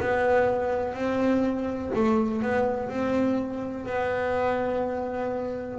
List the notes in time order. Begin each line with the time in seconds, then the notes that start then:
0.00 B3
0.94 C4
1.95 A3
2.42 B3
2.89 C4
3.86 B3